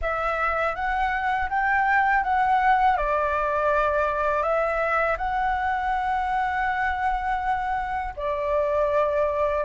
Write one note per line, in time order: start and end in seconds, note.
0.01 0.75 E5
0.75 1.49 F#5
1.49 2.23 G5
2.23 2.97 F#5
2.97 4.42 D5
4.42 5.16 E5
5.17 8.13 F#5
8.16 9.64 D5